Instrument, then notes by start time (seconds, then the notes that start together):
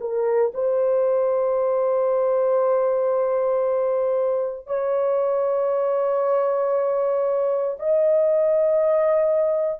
horn
0.00 A#4
0.54 C5
4.66 C#5
7.79 D#5